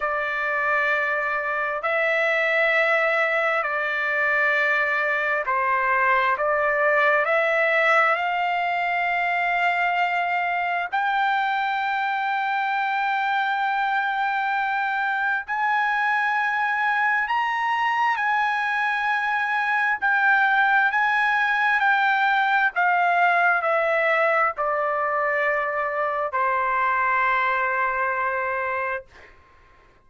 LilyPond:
\new Staff \with { instrumentName = "trumpet" } { \time 4/4 \tempo 4 = 66 d''2 e''2 | d''2 c''4 d''4 | e''4 f''2. | g''1~ |
g''4 gis''2 ais''4 | gis''2 g''4 gis''4 | g''4 f''4 e''4 d''4~ | d''4 c''2. | }